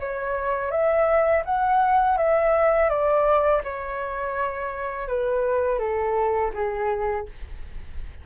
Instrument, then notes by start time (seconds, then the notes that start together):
flute
0.00 C#5
0.71 E5
1.45 F#5
2.18 E5
2.89 D5
3.64 C#5
5.08 B4
5.79 A4
6.54 G#4